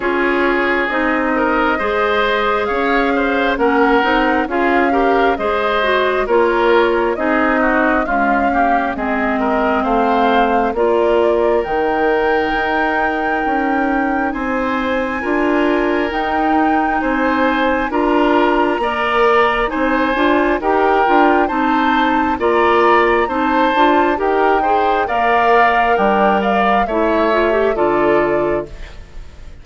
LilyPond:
<<
  \new Staff \with { instrumentName = "flute" } { \time 4/4 \tempo 4 = 67 cis''4 dis''2 f''4 | fis''4 f''4 dis''4 cis''4 | dis''4 f''4 dis''4 f''4 | d''4 g''2. |
gis''2 g''4 gis''4 | ais''2 gis''4 g''4 | a''4 ais''4 a''4 g''4 | f''4 g''8 f''8 e''4 d''4 | }
  \new Staff \with { instrumentName = "oboe" } { \time 4/4 gis'4. ais'8 c''4 cis''8 c''8 | ais'4 gis'8 ais'8 c''4 ais'4 | gis'8 fis'8 f'8 g'8 gis'8 ais'8 c''4 | ais'1 |
c''4 ais'2 c''4 | ais'4 d''4 c''4 ais'4 | c''4 d''4 c''4 ais'8 c''8 | d''4 d'8 d''8 cis''4 a'4 | }
  \new Staff \with { instrumentName = "clarinet" } { \time 4/4 f'4 dis'4 gis'2 | cis'8 dis'8 f'8 g'8 gis'8 fis'8 f'4 | dis'4 gis8 ais8 c'2 | f'4 dis'2.~ |
dis'4 f'4 dis'2 | f'4 ais'4 dis'8 f'8 g'8 f'8 | dis'4 f'4 dis'8 f'8 g'8 gis'8 | ais'2 e'8 f'16 g'16 f'4 | }
  \new Staff \with { instrumentName = "bassoon" } { \time 4/4 cis'4 c'4 gis4 cis'4 | ais8 c'8 cis'4 gis4 ais4 | c'4 cis'4 gis4 a4 | ais4 dis4 dis'4 cis'4 |
c'4 d'4 dis'4 c'4 | d'4 ais4 c'8 d'8 dis'8 d'8 | c'4 ais4 c'8 d'8 dis'4 | ais4 g4 a4 d4 | }
>>